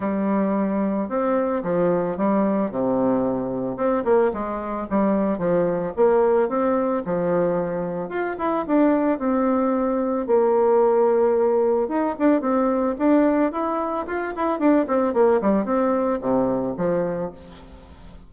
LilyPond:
\new Staff \with { instrumentName = "bassoon" } { \time 4/4 \tempo 4 = 111 g2 c'4 f4 | g4 c2 c'8 ais8 | gis4 g4 f4 ais4 | c'4 f2 f'8 e'8 |
d'4 c'2 ais4~ | ais2 dis'8 d'8 c'4 | d'4 e'4 f'8 e'8 d'8 c'8 | ais8 g8 c'4 c4 f4 | }